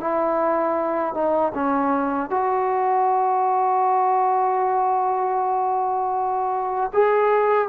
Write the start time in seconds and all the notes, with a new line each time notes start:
0.00 E4
1.14 D#4
1.55 C#4
2.30 F#4
6.94 G#4